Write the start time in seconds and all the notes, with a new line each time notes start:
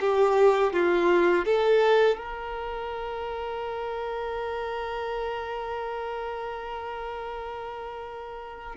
0.00 G4
0.73 F4
1.45 A4
2.18 A#4